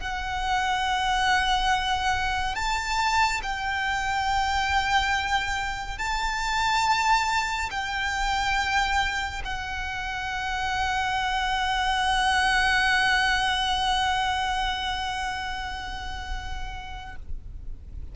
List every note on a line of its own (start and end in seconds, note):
0.00 2.55 F#5
2.55 3.41 A5
3.43 5.98 G5
5.98 7.69 A5
7.71 9.42 G5
9.44 17.16 F#5